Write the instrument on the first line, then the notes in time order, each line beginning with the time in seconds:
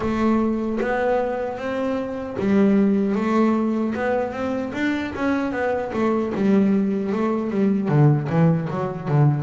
double bass
0.00 A3
0.80 B3
1.57 C4
2.39 G3
3.15 A3
3.94 B3
4.32 C4
4.73 D4
5.15 C#4
5.52 B3
5.93 A3
6.34 G3
7.12 A3
7.50 G3
7.88 D3
8.29 E3
8.69 F#3
9.08 D3